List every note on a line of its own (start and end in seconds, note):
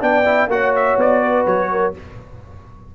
0.00 0.47 B3
0.00 0.24 D4
0.00 0.50 D5
0.00 0.50 G5
0.24 0.48 E4
0.47 0.95 A#3
0.47 1.93 F#4
0.47 1.22 C#5
0.47 0.75 F#5
0.75 0.99 E5
0.97 1.45 B3
0.97 1.46 D5
1.22 1.70 B4
1.46 1.94 F#3
1.46 1.94 C#5
1.71 1.95 A#4